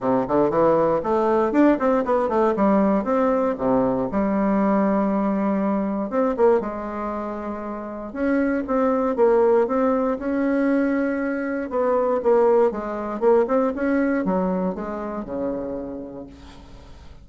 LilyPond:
\new Staff \with { instrumentName = "bassoon" } { \time 4/4 \tempo 4 = 118 c8 d8 e4 a4 d'8 c'8 | b8 a8 g4 c'4 c4 | g1 | c'8 ais8 gis2. |
cis'4 c'4 ais4 c'4 | cis'2. b4 | ais4 gis4 ais8 c'8 cis'4 | fis4 gis4 cis2 | }